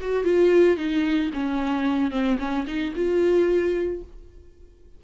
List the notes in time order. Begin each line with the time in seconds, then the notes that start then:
0.00 F#4
0.24 F4
0.77 D#4
1.33 C#4
2.11 C4
2.39 C#4
2.67 D#4
2.95 F4